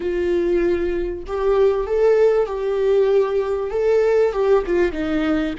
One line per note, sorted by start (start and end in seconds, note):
0.00 1.24 F4
1.26 1.86 G4
1.86 2.46 A4
2.46 3.70 G4
3.70 4.32 A4
4.32 4.63 G4
4.66 4.92 F4
4.92 5.54 D#4